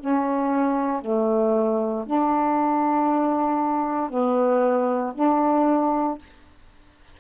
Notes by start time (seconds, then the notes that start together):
0.00 C#4
1.02 A3
2.06 D4
4.10 B3
5.14 D4